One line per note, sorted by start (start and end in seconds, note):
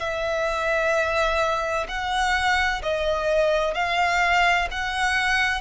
0.00 1.87 E5
1.89 2.83 F#5
2.83 3.75 D#5
3.75 4.69 F5
4.72 5.62 F#5